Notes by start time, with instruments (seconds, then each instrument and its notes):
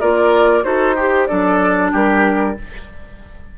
0.00 bassoon A#3, clarinet F4, oboe A#4, flute D5
0.62 bassoon D#4, clarinet F#4, oboe A4, flute C5
0.96 oboe G4, clarinet G4
1.27 bassoon F#3, clarinet D4, oboe A4, flute D5
1.92 bassoon G3, oboe G4, flute A#4